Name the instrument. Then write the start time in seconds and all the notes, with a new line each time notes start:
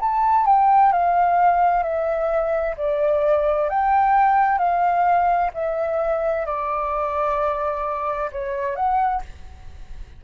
flute
0.00 A5
0.46 G5
0.93 F5
1.83 E5
2.77 D5
3.70 G5
4.59 F5
5.54 E5
6.46 D5
8.32 C#5
8.76 F#5